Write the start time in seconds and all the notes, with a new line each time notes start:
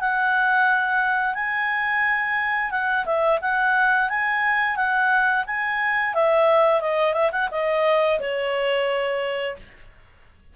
0.00 F#5
1.34 G#5
2.71 F#5
3.05 E5
3.41 F#5
4.09 G#5
4.76 F#5
5.46 G#5
6.14 E5
6.81 D#5
7.13 E5
7.31 F#5
7.51 D#5
8.19 C#5